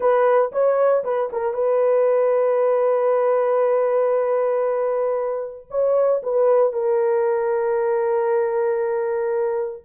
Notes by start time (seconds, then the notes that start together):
0.00 B4
0.51 C#5
1.04 B4
1.32 A#4
1.53 B4
5.70 C#5
6.23 B4
6.72 A#4